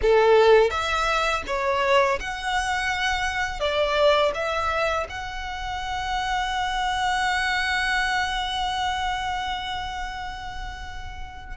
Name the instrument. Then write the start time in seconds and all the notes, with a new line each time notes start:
violin
0.02 A4
0.70 E5
1.46 C#5
2.19 F#5
3.59 D5
4.34 E5
5.09 F#5